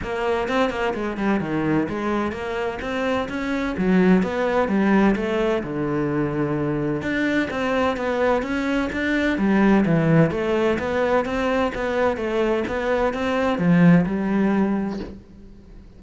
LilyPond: \new Staff \with { instrumentName = "cello" } { \time 4/4 \tempo 4 = 128 ais4 c'8 ais8 gis8 g8 dis4 | gis4 ais4 c'4 cis'4 | fis4 b4 g4 a4 | d2. d'4 |
c'4 b4 cis'4 d'4 | g4 e4 a4 b4 | c'4 b4 a4 b4 | c'4 f4 g2 | }